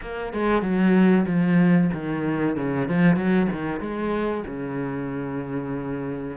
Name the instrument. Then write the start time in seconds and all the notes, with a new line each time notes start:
cello
0.01 A#3
0.33 G#3
0.62 F#3
1.26 F3
1.93 D#3
2.56 C#3
2.88 F3
3.15 F#3
3.52 D#3
3.80 G#3
4.47 C#3